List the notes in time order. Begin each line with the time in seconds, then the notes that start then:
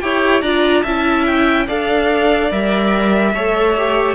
0.00 E4 G4 C#5 G5
0.41 D4 F4 D5 A#5
0.82 C#4 E4 E5 A5
1.26 G5
1.66 D4 A4 D5 F5
2.50 G3 A#4 E5
3.34 A3 A4 C#5
3.77 G4